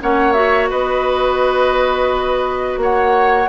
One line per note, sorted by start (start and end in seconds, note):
0.00 0.72 A#3
0.00 0.35 C#4
0.00 0.70 C#5
0.00 0.32 F#5
0.32 3.49 F#4
0.32 0.67 E5
0.70 2.77 B3
0.70 2.80 B4
0.70 2.80 D#5
2.77 3.47 A#3
2.77 3.49 C#5
2.77 3.49 F#5